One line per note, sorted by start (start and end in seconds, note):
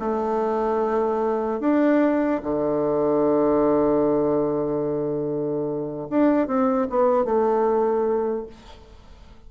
0.00 1.61 A3
1.61 2.42 D4
2.43 6.08 D3
6.11 6.48 D4
6.48 6.88 C4
6.90 7.25 B3
7.25 8.47 A3